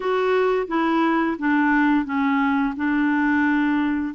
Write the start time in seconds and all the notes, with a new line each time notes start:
0.00 F#4
0.67 E4
1.38 D4
2.05 C#4
2.76 D4